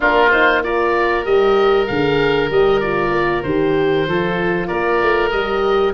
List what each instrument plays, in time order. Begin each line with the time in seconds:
0.00 tuba A#3, horn D4, oboe F4 A#4
0.31 horn D#4, oboe C5
0.63 horn F4, oboe A#4 D5
1.23 tuba G3, horn G4, oboe D#5
1.87 tuba D3, horn G#4, oboe F5
2.49 tuba G3, horn G4, oboe D#5
2.80 horn F4, oboe D5
3.09 tuba A#3
3.43 tuba D#3, horn G4, oboe C5
4.06 tuba F3, horn F4, oboe A4
4.67 tuba A#3, oboe A#4 D5
5.02 tuba A3
5.30 tuba G3, horn G4, oboe D#5